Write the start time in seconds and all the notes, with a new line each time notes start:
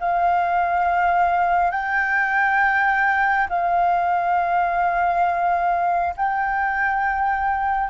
0.00 F5
1.70 G5
3.49 F5
6.16 G5